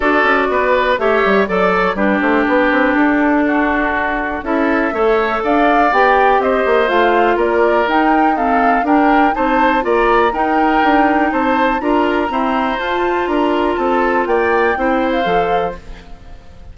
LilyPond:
<<
  \new Staff \with { instrumentName = "flute" } { \time 4/4 \tempo 4 = 122 d''2 e''4 d''8 cis''8 | b'8 c''8 b'4 a'2~ | a'4 e''2 f''4 | g''4 dis''4 f''4 d''4 |
g''4 f''4 g''4 a''4 | ais''4 g''2 a''4 | ais''2 a''4 ais''4 | a''4 g''4.~ g''16 f''4~ f''16 | }
  \new Staff \with { instrumentName = "oboe" } { \time 4/4 a'4 b'4 cis''4 d''4 | g'2. fis'4~ | fis'4 a'4 cis''4 d''4~ | d''4 c''2 ais'4~ |
ais'4 a'4 ais'4 c''4 | d''4 ais'2 c''4 | ais'4 c''2 ais'4 | a'4 d''4 c''2 | }
  \new Staff \with { instrumentName = "clarinet" } { \time 4/4 fis'2 g'4 a'4 | d'1~ | d'4 e'4 a'2 | g'2 f'2 |
dis'4 c'4 d'4 dis'4 | f'4 dis'2. | f'4 c'4 f'2~ | f'2 e'4 a'4 | }
  \new Staff \with { instrumentName = "bassoon" } { \time 4/4 d'8 cis'8 b4 a8 g8 fis4 | g8 a8 b8 c'8 d'2~ | d'4 cis'4 a4 d'4 | b4 c'8 ais8 a4 ais4 |
dis'2 d'4 c'4 | ais4 dis'4 d'4 c'4 | d'4 e'4 f'4 d'4 | c'4 ais4 c'4 f4 | }
>>